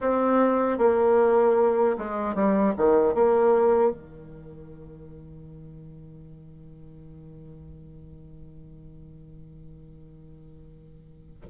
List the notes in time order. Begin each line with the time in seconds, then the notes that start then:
0.00 C4
0.78 A#3
1.98 G#3
2.34 G3
2.77 D#3
3.14 A#3
3.91 D#3